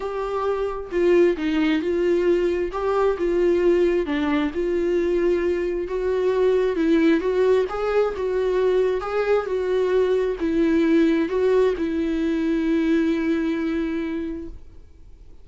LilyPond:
\new Staff \with { instrumentName = "viola" } { \time 4/4 \tempo 4 = 133 g'2 f'4 dis'4 | f'2 g'4 f'4~ | f'4 d'4 f'2~ | f'4 fis'2 e'4 |
fis'4 gis'4 fis'2 | gis'4 fis'2 e'4~ | e'4 fis'4 e'2~ | e'1 | }